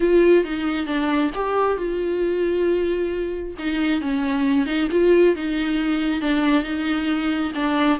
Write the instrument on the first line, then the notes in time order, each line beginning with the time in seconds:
viola
0.00 F4
0.44 D#4
0.86 D4
1.34 G4
1.77 F4
3.58 D#4
4.01 C#4
4.65 D#4
4.91 F4
5.35 D#4
6.21 D4
6.63 D#4
7.54 D4